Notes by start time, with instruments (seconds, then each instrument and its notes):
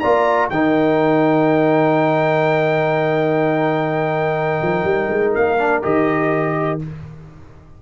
0.00 tuba A#3, trombone F4, horn D5, trumpet A#5
0.50 tuba D#3, trombone D#4, horn A#4, trumpet G5
4.62 tuba F3
4.84 tuba G3
5.09 tuba G#3
5.34 tuba A#3, trumpet F5
5.58 trombone D4
5.82 tuba D#3, trombone G4, trumpet D#5